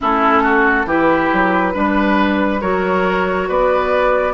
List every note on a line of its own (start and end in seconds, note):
0.01 0.85 A3
0.01 0.87 C#4
0.01 0.42 E4
0.01 0.88 A4
0.42 0.86 F#4
0.85 1.28 E3
0.85 1.73 E4
0.85 1.73 G4
0.85 2.61 B4
1.32 1.75 F#3
1.73 2.61 G3
1.73 2.60 D4
1.73 2.60 B4
2.61 3.48 F#3
2.61 4.33 F#4
2.61 3.48 A#4
2.61 3.48 C#5
3.48 4.33 B3
3.48 4.33 B4
3.48 4.33 D5